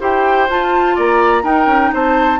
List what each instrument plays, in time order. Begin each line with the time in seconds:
0.00 bassoon E4, clarinet G4, oboe C5, flute G5
0.49 bassoon F4, clarinet F4, flute A5
0.95 bassoon A#3, oboe D5, flute A#5
1.43 clarinet D#4, bassoon D#4, oboe A#4, flute G5
1.65 bassoon C#4
1.93 bassoon C4, oboe C5, flute A5